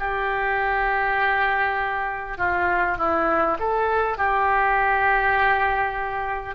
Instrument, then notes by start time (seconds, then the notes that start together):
oboe
0.00 G4
2.38 F4
2.98 E4
3.60 A4
4.18 G4